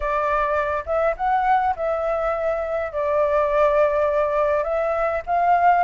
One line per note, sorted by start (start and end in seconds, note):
0.00 0.84 D5
0.86 1.15 E5
1.16 1.74 F#5
1.76 2.92 E5
2.92 4.63 D5
4.63 5.21 E5
5.26 5.83 F5